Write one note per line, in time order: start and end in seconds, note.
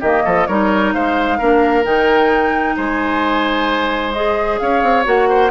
0.00 0.25 D#3
0.00 0.49 A#3
0.00 0.23 G4
0.00 0.47 D#5
0.25 0.49 F3
0.25 0.48 A4
0.47 0.94 G3
0.47 1.40 D#4
0.47 0.94 A#4
0.47 0.93 C#5
0.93 1.40 G#3
0.93 1.38 C5
0.93 1.85 F5
1.38 1.85 A#3
1.38 1.84 D4
1.38 2.76 A#4
1.84 2.77 D#3
1.84 4.13 D#4
1.84 2.77 G5
2.77 4.61 G#3
2.77 4.60 C5
2.77 4.13 G#5
4.13 5.04 G#4
4.13 4.58 D#5
4.59 4.83 C#4
4.59 5.29 C#5
4.59 5.05 F5
4.83 5.06 C4
5.04 5.51 A#3
5.04 5.50 F#4
5.04 5.51 F#5
5.29 5.51 C5